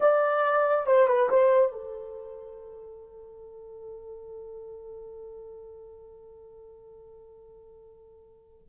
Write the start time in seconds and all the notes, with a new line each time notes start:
0.00 D5
0.86 C5
1.07 B4
1.29 C5
1.72 A4